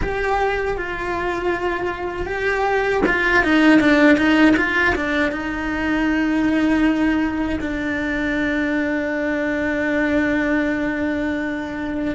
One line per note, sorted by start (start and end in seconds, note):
0.01 0.77 G4
0.77 2.25 F4
2.25 3.01 G4
3.06 3.43 F4
3.43 3.80 D#4
3.80 4.17 D4
4.17 4.55 D#4
4.56 4.94 F4
4.95 5.31 D4
5.31 7.59 D#4
7.60 12.15 D4